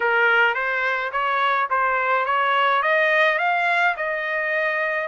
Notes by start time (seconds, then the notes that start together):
0.00 A#4
0.54 C5
1.12 C#5
1.70 C5
2.25 C#5
2.82 D#5
3.38 F5
3.96 D#5